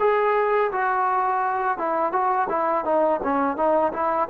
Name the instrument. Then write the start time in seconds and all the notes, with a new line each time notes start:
trombone
0.00 G#4
0.72 F#4
1.78 E4
2.13 F#4
2.49 E4
2.85 D#4
3.23 C#4
3.57 D#4
3.93 E4